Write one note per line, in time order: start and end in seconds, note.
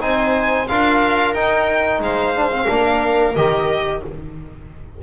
0.00 0.68 C4
0.00 0.67 D#4
0.00 0.67 C5
0.00 0.67 G#5
0.67 1.35 D4
0.67 1.35 F4
0.67 2.01 A#4
0.67 1.34 F5
1.34 1.99 D#4
1.34 2.35 D#4
1.34 2.01 G5
1.99 2.66 G#3
1.99 2.63 C5
1.99 3.35 F5
2.35 2.51 D4
2.52 2.67 C4
2.63 3.36 A#3
2.63 3.33 D4
2.63 3.97 A#4
3.35 4.03 D#3
3.35 4.02 G4
3.35 4.02 D#5